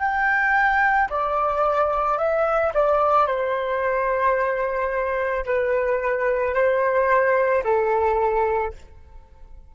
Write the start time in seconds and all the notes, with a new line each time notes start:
0.00 G5
1.10 D5
2.18 E5
2.74 D5
3.27 C5
5.46 B4
6.55 C5
7.65 A4